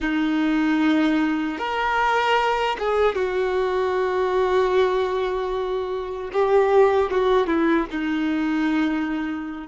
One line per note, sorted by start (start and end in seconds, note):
0.00 1.58 D#4
1.58 2.76 A#4
2.78 3.15 G#4
3.15 6.31 F#4
6.32 7.11 G4
7.11 7.46 F#4
7.46 7.86 E4
7.90 9.67 D#4